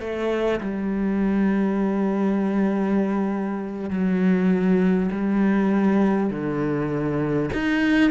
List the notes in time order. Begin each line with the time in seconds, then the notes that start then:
0.00 A3
0.61 G3
3.90 F#3
5.12 G3
6.30 D3
7.53 D#4